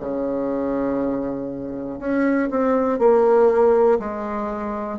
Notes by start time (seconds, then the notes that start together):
0.00 C#3
2.00 C#4
2.50 C4
2.99 A#3
3.99 G#3